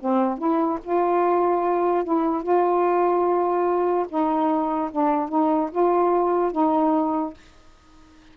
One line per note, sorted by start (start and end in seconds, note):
0.00 0.38 C4
0.38 0.79 E4
0.83 2.04 F4
2.04 2.43 E4
2.43 4.06 F4
4.09 4.90 D#4
4.91 5.29 D4
5.29 5.70 D#4
5.71 6.52 F4
6.52 7.33 D#4